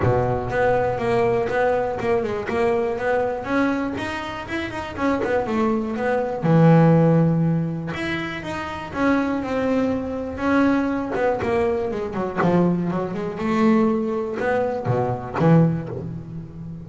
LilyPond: \new Staff \with { instrumentName = "double bass" } { \time 4/4 \tempo 4 = 121 b,4 b4 ais4 b4 | ais8 gis8 ais4 b4 cis'4 | dis'4 e'8 dis'8 cis'8 b8 a4 | b4 e2. |
e'4 dis'4 cis'4 c'4~ | c'4 cis'4. b8 ais4 | gis8 fis8 f4 fis8 gis8 a4~ | a4 b4 b,4 e4 | }